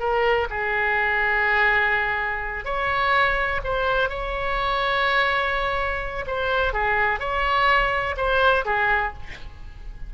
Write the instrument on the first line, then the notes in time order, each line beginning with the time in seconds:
oboe
0.00 A#4
0.51 G#4
2.65 C#5
3.64 C5
4.10 C#5
6.27 C5
6.74 G#4
7.20 C#5
8.17 C5
8.66 G#4